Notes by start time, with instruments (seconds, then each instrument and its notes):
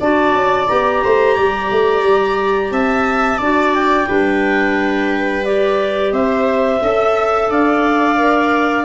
0.00 tuba D4, clarinet F#4 A5, viola D5
0.34 tuba C#4
0.67 tuba B3, clarinet G4 A#5
1.03 tuba A3, viola C5
1.36 tuba G3, viola D5
1.71 tuba A3
2.03 tuba G3
2.71 tuba C4, viola E5, clarinet A5
3.38 tuba D4, clarinet F#4, viola D5
3.75 clarinet G5
4.06 tuba G3, clarinet D4, viola B4
5.45 clarinet G4 D5
6.12 tuba C4, viola C5, clarinet E5
6.81 tuba C#4, clarinet A4, viola E5
7.49 tuba D4, viola D5, clarinet F5
8.17 clarinet A#4